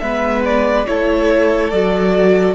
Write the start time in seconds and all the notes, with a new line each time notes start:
0.00 G#3 B3 B4 E5
0.45 D5
0.87 A3 E4 A4 C#5
1.70 F#3 F#4 D5